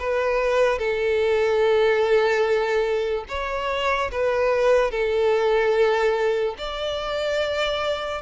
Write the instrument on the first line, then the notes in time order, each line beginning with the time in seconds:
violin
0.00 B4
0.79 A4
3.29 C#5
4.12 B4
4.91 A4
6.59 D5